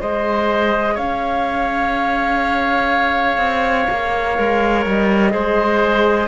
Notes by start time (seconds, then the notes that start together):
0.00 G#3 G#4 C5 D#5
0.95 C#4 C#5 F5
3.38 C4
3.90 A#3
4.36 G#3 A#4
4.86 G3 D#5
5.31 G#3 G#4 C5